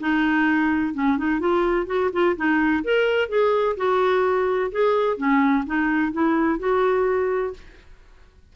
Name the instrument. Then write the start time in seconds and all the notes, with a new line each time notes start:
clarinet
0.00 D#4
0.94 C#4
1.18 D#4
1.40 F4
1.87 F#4
2.13 F4
2.37 D#4
2.84 A#4
3.29 G#4
3.77 F#4
4.72 G#4
5.18 C#4
5.66 D#4
6.13 E4
6.59 F#4